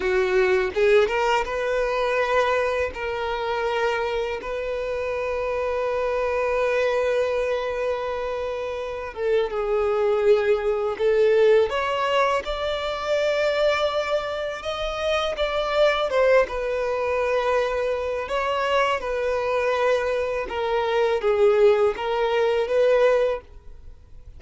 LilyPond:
\new Staff \with { instrumentName = "violin" } { \time 4/4 \tempo 4 = 82 fis'4 gis'8 ais'8 b'2 | ais'2 b'2~ | b'1~ | b'8 a'8 gis'2 a'4 |
cis''4 d''2. | dis''4 d''4 c''8 b'4.~ | b'4 cis''4 b'2 | ais'4 gis'4 ais'4 b'4 | }